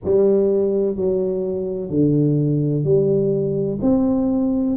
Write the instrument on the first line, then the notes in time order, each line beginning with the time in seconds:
tuba
0.04 G3
0.95 F#3
1.89 D3
2.84 G3
3.81 C4